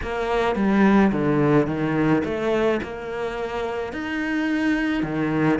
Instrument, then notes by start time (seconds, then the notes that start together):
cello
0.02 A#3
0.55 G3
1.12 D3
1.66 D#3
2.24 A3
2.82 A#3
3.93 D#4
5.02 D#3